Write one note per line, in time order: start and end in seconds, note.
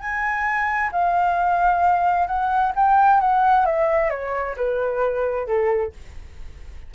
0.00 0.91 G#5
0.93 2.27 F5
2.27 2.73 F#5
2.76 3.21 G5
3.21 3.66 F#5
3.66 4.11 E5
4.11 4.56 C#5
4.57 5.47 B4
5.47 5.93 A4